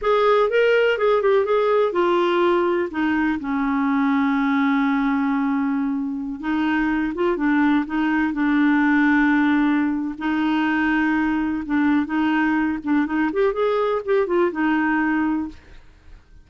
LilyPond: \new Staff \with { instrumentName = "clarinet" } { \time 4/4 \tempo 4 = 124 gis'4 ais'4 gis'8 g'8 gis'4 | f'2 dis'4 cis'4~ | cis'1~ | cis'4~ cis'16 dis'4. f'8 d'8.~ |
d'16 dis'4 d'2~ d'8.~ | d'4 dis'2. | d'4 dis'4. d'8 dis'8 g'8 | gis'4 g'8 f'8 dis'2 | }